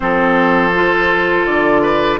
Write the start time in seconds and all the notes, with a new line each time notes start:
0.00 F3 C4 A4 C5
0.74 F4
1.45 D3 D5
1.82 B4